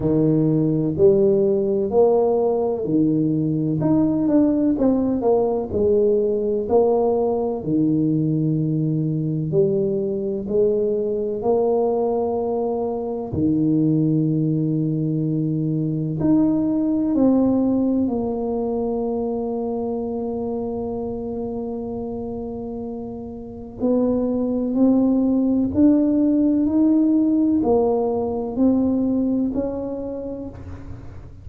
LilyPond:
\new Staff \with { instrumentName = "tuba" } { \time 4/4 \tempo 4 = 63 dis4 g4 ais4 dis4 | dis'8 d'8 c'8 ais8 gis4 ais4 | dis2 g4 gis4 | ais2 dis2~ |
dis4 dis'4 c'4 ais4~ | ais1~ | ais4 b4 c'4 d'4 | dis'4 ais4 c'4 cis'4 | }